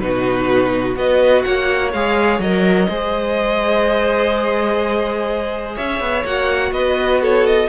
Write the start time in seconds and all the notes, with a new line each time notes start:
0.00 B2 D#4 F#4 B4
0.95 B3 F#4 B4 D#5
1.43 A#3 C#5 F#5
1.93 G#3 G#4 F5
2.39 F#3 A#4 D#5
2.89 G#3 G#4 C5
5.75 C#4 C#5 E5
6.00 B3
6.25 A#3 F#4 F#5
6.71 B3 B4 D#5
7.21 A4 C#5
7.47 D#5